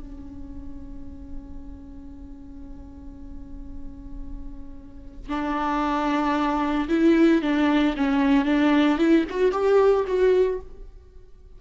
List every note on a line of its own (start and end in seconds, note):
0.00 5.30 C#4
5.30 6.89 D4
6.89 7.42 E4
7.42 7.95 D4
7.97 8.45 C#4
8.45 8.99 D4
8.99 9.25 E4
9.30 9.52 F#4
9.52 10.05 G4
10.07 10.60 F#4